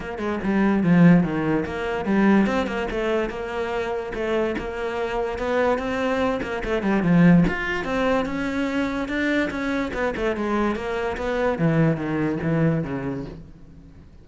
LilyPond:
\new Staff \with { instrumentName = "cello" } { \time 4/4 \tempo 4 = 145 ais8 gis8 g4 f4 dis4 | ais4 g4 c'8 ais8 a4 | ais2 a4 ais4~ | ais4 b4 c'4. ais8 |
a8 g8 f4 f'4 c'4 | cis'2 d'4 cis'4 | b8 a8 gis4 ais4 b4 | e4 dis4 e4 cis4 | }